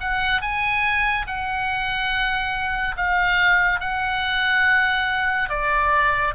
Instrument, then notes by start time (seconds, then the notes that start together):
oboe
0.00 F#5
0.41 G#5
1.27 F#5
2.97 F5
3.80 F#5
5.49 D5